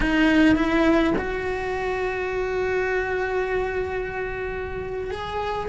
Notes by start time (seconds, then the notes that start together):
0.00 D#4
0.55 E4
1.18 F#4
5.11 G#4